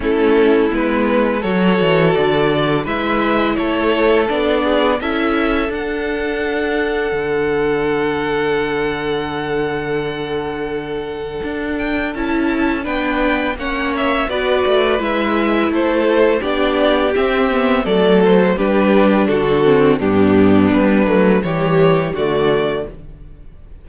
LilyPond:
<<
  \new Staff \with { instrumentName = "violin" } { \time 4/4 \tempo 4 = 84 a'4 b'4 cis''4 d''4 | e''4 cis''4 d''4 e''4 | fis''1~ | fis''1~ |
fis''8 g''8 a''4 g''4 fis''8 e''8 | d''4 e''4 c''4 d''4 | e''4 d''8 c''8 b'4 a'4 | g'4 b'4 cis''4 d''4 | }
  \new Staff \with { instrumentName = "violin" } { \time 4/4 e'2 a'2 | b'4 a'4. gis'8 a'4~ | a'1~ | a'1~ |
a'2 b'4 cis''4 | b'2 a'4 g'4~ | g'4 a'4 g'4 fis'4 | d'2 g'4 fis'4 | }
  \new Staff \with { instrumentName = "viola" } { \time 4/4 cis'4 b4 fis'2 | e'2 d'4 e'4 | d'1~ | d'1~ |
d'4 e'4 d'4 cis'4 | fis'4 e'2 d'4 | c'8 b8 a4 d'4. c'8 | b4. a8 g4 a4 | }
  \new Staff \with { instrumentName = "cello" } { \time 4/4 a4 gis4 fis8 e8 d4 | gis4 a4 b4 cis'4 | d'2 d2~ | d1 |
d'4 cis'4 b4 ais4 | b8 a8 gis4 a4 b4 | c'4 fis4 g4 d4 | g,4 g8 fis8 e4 d4 | }
>>